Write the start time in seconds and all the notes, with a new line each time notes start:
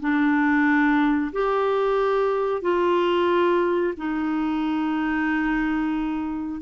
0.00 D4
1.33 G4
2.62 F4
3.97 D#4